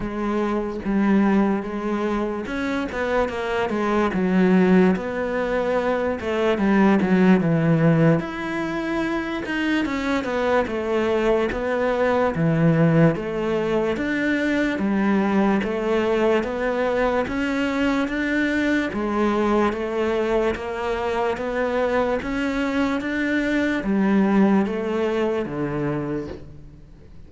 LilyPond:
\new Staff \with { instrumentName = "cello" } { \time 4/4 \tempo 4 = 73 gis4 g4 gis4 cis'8 b8 | ais8 gis8 fis4 b4. a8 | g8 fis8 e4 e'4. dis'8 | cis'8 b8 a4 b4 e4 |
a4 d'4 g4 a4 | b4 cis'4 d'4 gis4 | a4 ais4 b4 cis'4 | d'4 g4 a4 d4 | }